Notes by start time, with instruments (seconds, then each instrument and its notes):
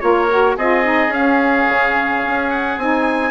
0.00 bassoon A#3, saxophone F4, oboe A#4, trumpet C#5
0.30 saxophone F#4
0.56 bassoon C4, saxophone F4, oboe G#4, trumpet D#5
0.84 saxophone D#4
1.08 bassoon C#4, trumpet F5
1.15 saxophone C#4
1.68 bassoon C#3
2.24 bassoon C#4
2.50 trumpet F#5
2.77 bassoon C4, saxophone D#4, trumpet G#5